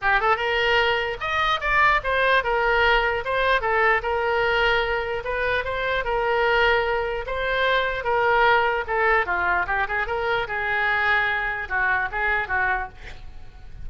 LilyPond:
\new Staff \with { instrumentName = "oboe" } { \time 4/4 \tempo 4 = 149 g'8 a'8 ais'2 dis''4 | d''4 c''4 ais'2 | c''4 a'4 ais'2~ | ais'4 b'4 c''4 ais'4~ |
ais'2 c''2 | ais'2 a'4 f'4 | g'8 gis'8 ais'4 gis'2~ | gis'4 fis'4 gis'4 fis'4 | }